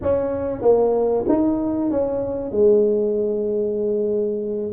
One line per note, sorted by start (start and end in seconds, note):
0.02 0.61 C#4
0.61 1.24 A#3
1.28 1.90 D#4
1.90 2.51 C#4
2.51 4.72 G#3